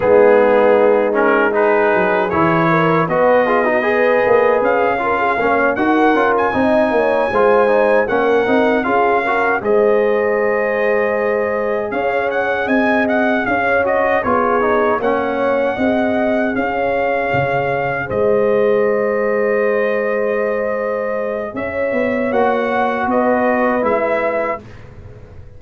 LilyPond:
<<
  \new Staff \with { instrumentName = "trumpet" } { \time 4/4 \tempo 4 = 78 gis'4. ais'8 b'4 cis''4 | dis''2 f''4. fis''8~ | fis''16 gis''2~ gis''16 fis''4 f''8~ | f''8 dis''2. f''8 |
fis''8 gis''8 fis''8 f''8 dis''8 cis''4 fis''8~ | fis''4. f''2 dis''8~ | dis''1 | e''4 fis''4 dis''4 e''4 | }
  \new Staff \with { instrumentName = "horn" } { \time 4/4 dis'2 gis'4. ais'8 | b'8 gis'16 fis'16 b'4. ais'16 gis'16 cis''8 ais'8~ | ais'8 dis''8 cis''8 c''4 ais'4 gis'8 | ais'8 c''2. cis''8~ |
cis''8 dis''4 cis''4 gis'4 cis''8~ | cis''8 dis''4 cis''2 c''8~ | c''1 | cis''2 b'2 | }
  \new Staff \with { instrumentName = "trombone" } { \time 4/4 b4. cis'8 dis'4 e'4 | fis'8 f'16 dis'16 gis'4. f'8 cis'8 fis'8 | f'8 dis'4 f'8 dis'8 cis'8 dis'8 f'8 | fis'8 gis'2.~ gis'8~ |
gis'2 fis'8 f'8 dis'8 cis'8~ | cis'8 gis'2.~ gis'8~ | gis'1~ | gis'4 fis'2 e'4 | }
  \new Staff \with { instrumentName = "tuba" } { \time 4/4 gis2~ gis8 fis8 e4 | b4. ais8 cis'4 ais8 dis'8 | cis'8 c'8 ais8 gis4 ais8 c'8 cis'8~ | cis'8 gis2. cis'8~ |
cis'8 c'4 cis'4 b4 ais8~ | ais8 c'4 cis'4 cis4 gis8~ | gis1 | cis'8 b8 ais4 b4 gis4 | }
>>